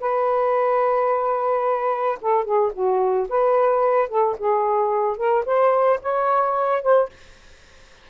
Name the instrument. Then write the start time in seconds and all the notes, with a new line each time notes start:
saxophone
0.00 B4
2.21 A4
2.44 G#4
2.73 F#4
3.29 B4
4.09 A4
4.38 G#4
5.17 A#4
5.45 C5
6.02 C#5
6.82 C5